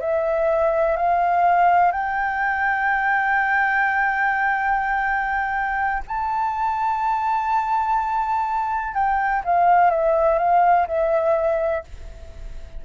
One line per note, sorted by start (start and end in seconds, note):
0.00 0.97 E5
0.97 1.92 F5
1.92 6.03 G5
6.08 8.94 A5
8.94 9.43 G5
9.45 9.91 F5
9.91 10.39 E5
10.39 10.87 F5
10.87 11.84 E5